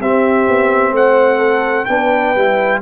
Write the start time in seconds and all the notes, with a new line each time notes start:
0.00 C4 G4 E5
0.48 B3
0.91 A3 C5 F#5
1.38 A4
1.85 B3 D4 B4 G5
2.35 G3 E4